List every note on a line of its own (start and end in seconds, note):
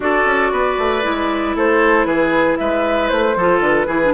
0.00 0.24 D4
0.00 1.02 F#4
0.00 0.52 A4
0.00 1.57 D5
0.25 0.51 C#4
0.51 0.77 B3
0.51 1.55 B4
0.78 1.03 A3
1.02 1.55 G#3
1.02 3.35 E4
1.55 2.05 A3
1.55 2.06 A4
1.55 2.05 C5
2.05 2.57 E3
2.05 2.58 G#4
2.05 2.56 B4
2.57 3.11 G#3
2.57 3.37 B4
2.57 3.08 E5
3.08 3.36 A3
3.08 3.60 C5
3.36 3.60 F3
3.36 3.87 F4
3.36 3.86 A4
3.60 3.86 D3
3.60 4.14 B4
3.86 4.13 E3
3.86 4.00 E4
3.86 4.12 G#4
4.04 4.14 D4